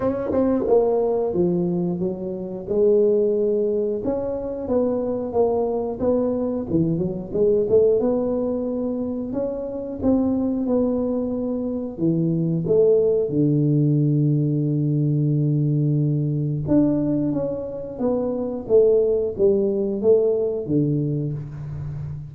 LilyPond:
\new Staff \with { instrumentName = "tuba" } { \time 4/4 \tempo 4 = 90 cis'8 c'8 ais4 f4 fis4 | gis2 cis'4 b4 | ais4 b4 e8 fis8 gis8 a8 | b2 cis'4 c'4 |
b2 e4 a4 | d1~ | d4 d'4 cis'4 b4 | a4 g4 a4 d4 | }